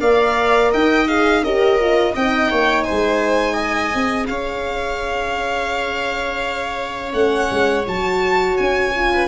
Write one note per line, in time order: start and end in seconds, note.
0.00 0.72 A#3
0.00 1.07 A#4
0.00 0.71 D5
0.00 0.72 F5
0.71 1.43 D#4
0.71 1.43 D#5
0.71 1.08 G5
1.08 1.43 G#4
1.08 1.44 F5
1.43 2.14 C#4
1.43 1.80 G4
1.43 2.14 A#4
1.43 2.15 D#5
1.80 2.16 F4
2.14 2.51 C4
2.14 3.95 D#4
2.14 2.50 D#5
2.14 2.84 G5
2.51 2.87 A#3
2.51 2.85 C#5
2.84 3.54 C5
2.84 4.26 G#5
2.91 3.95 G#3
3.54 4.25 D#5
3.95 4.28 C4
3.95 7.13 G#4
4.27 7.14 C#4
4.27 9.13 C#5
4.27 7.12 F5
7.13 7.49 A3
7.13 7.85 C#4
7.13 7.85 F#5
7.51 7.87 G#3
7.87 8.59 F#3
7.87 8.94 F#4
7.87 8.58 A5
8.58 9.29 C#4
8.58 9.29 G#5
8.96 9.29 F4
9.13 9.29 B4